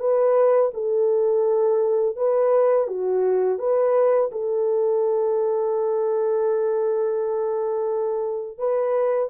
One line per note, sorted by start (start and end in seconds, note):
0.00 0.71 B4
0.74 2.16 A4
2.16 2.88 B4
2.88 3.59 F#4
3.59 4.30 B4
4.32 8.58 A4
8.58 9.30 B4